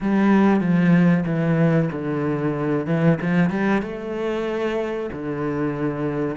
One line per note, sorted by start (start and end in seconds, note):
0.00 0.60 G3
0.60 1.24 F3
1.25 1.89 E3
1.91 2.86 D3
2.86 3.18 E3
3.21 3.50 F3
3.50 3.82 G3
3.82 5.09 A3
5.12 6.36 D3